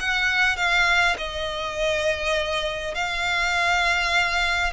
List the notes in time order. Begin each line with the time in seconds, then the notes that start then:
0.00 F#5
0.57 F5
1.18 D#5
2.95 F5